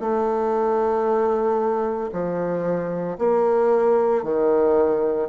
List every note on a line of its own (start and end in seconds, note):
0.00 2.11 A3
2.12 3.18 F3
3.18 4.23 A#3
4.23 5.28 D#3